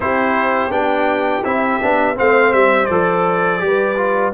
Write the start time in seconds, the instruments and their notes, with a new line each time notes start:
0.00 tuba C4, trombone E4, horn G4, trumpet C5
0.69 tuba B3, trombone D4, trumpet G5
1.44 tuba C4, trombone E4, trumpet E5
1.82 tuba B3, trombone D4
2.15 tuba A3, trombone C4, horn C5, trumpet F5
2.52 tuba G3, trumpet E5
2.85 tuba F3, trombone A4, trumpet D5
3.59 tuba G3, trombone G4
3.65 horn B4
3.96 trombone F4